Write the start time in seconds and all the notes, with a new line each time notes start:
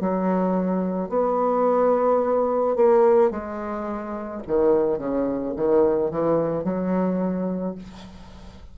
0.00 F#3
1.09 B3
2.76 A#3
3.30 G#3
4.46 D#3
4.98 C#3
5.56 D#3
6.10 E3
6.64 F#3